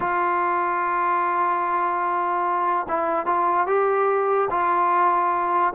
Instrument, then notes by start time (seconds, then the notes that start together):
trombone
0.00 F4
2.88 E4
3.26 F4
3.66 G4
4.50 F4